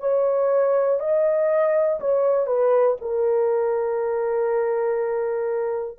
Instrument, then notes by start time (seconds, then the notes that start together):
horn
0.00 C#5
1.00 D#5
2.00 C#5
2.47 B4
3.01 A#4